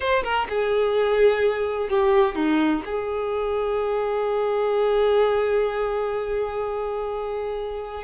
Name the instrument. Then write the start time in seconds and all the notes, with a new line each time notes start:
violin
0.00 C5
0.23 A#4
0.49 G#4
1.89 G4
2.35 D#4
2.85 G#4